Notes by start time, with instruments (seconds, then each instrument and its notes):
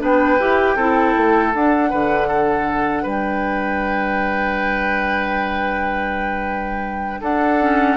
0.00 bassoon B3, clarinet D4, oboe B4, flute G5
0.39 bassoon E4, clarinet G4
0.76 bassoon C4, clarinet E4, oboe A4
1.17 bassoon A3
1.53 clarinet D4, bassoon D4, flute F#5
1.91 bassoon D3, oboe B4
2.28 oboe A4
3.03 bassoon G3, oboe B4, flute G5
7.21 bassoon D4, oboe A4, flute F#5
7.62 clarinet C#4